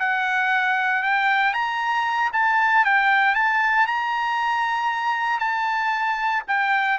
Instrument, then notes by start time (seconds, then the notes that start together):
trumpet
0.00 F#5
1.03 G5
1.54 A#5
2.33 A5
2.85 G5
3.35 A5
3.87 A#5
5.40 A5
6.48 G5